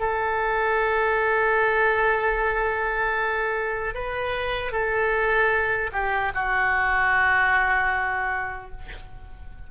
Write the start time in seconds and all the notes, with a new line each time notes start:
0.00 A4
3.95 B4
4.73 A4
5.93 G4
6.35 F#4